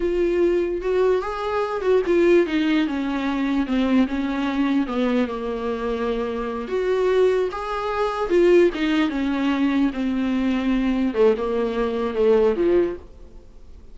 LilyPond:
\new Staff \with { instrumentName = "viola" } { \time 4/4 \tempo 4 = 148 f'2 fis'4 gis'4~ | gis'8 fis'8 f'4 dis'4 cis'4~ | cis'4 c'4 cis'2 | b4 ais2.~ |
ais8 fis'2 gis'4.~ | gis'8 f'4 dis'4 cis'4.~ | cis'8 c'2. a8 | ais2 a4 f4 | }